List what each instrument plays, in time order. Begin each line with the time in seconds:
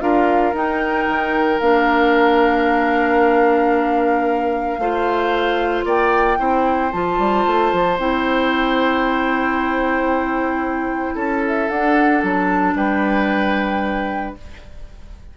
0.00 bassoon D4, clarinet F4, oboe A#4, flute F5
0.53 bassoon D#4, clarinet D#4, flute G5
1.08 bassoon D#3
1.59 bassoon A#3, clarinet D4, flute F5
4.78 bassoon A3, clarinet F4, oboe C5
5.85 bassoon A#3, oboe D5, flute G5
6.38 bassoon C4, clarinet E4, oboe C5
6.92 bassoon F3, clarinet F4, flute A5
7.18 bassoon G3
7.47 bassoon A3
7.73 bassoon F3
7.98 bassoon C4, clarinet E4, flute G5
11.15 bassoon C#4, oboe A4, flute A5
11.47 flute E5
11.69 bassoon D4, clarinet D4, flute F#5
12.23 bassoon F#3, flute A5
12.74 bassoon G3, oboe B4, flute G5